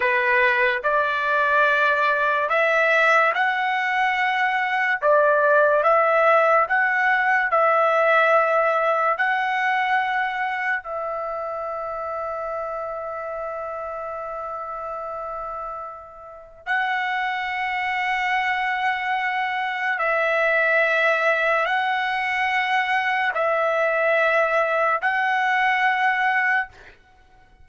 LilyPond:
\new Staff \with { instrumentName = "trumpet" } { \time 4/4 \tempo 4 = 72 b'4 d''2 e''4 | fis''2 d''4 e''4 | fis''4 e''2 fis''4~ | fis''4 e''2.~ |
e''1 | fis''1 | e''2 fis''2 | e''2 fis''2 | }